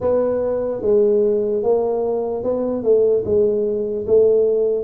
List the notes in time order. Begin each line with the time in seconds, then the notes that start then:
0.00 B3
0.81 G#3
1.62 A#3
2.43 B3
2.83 A3
3.25 G#3
4.07 A3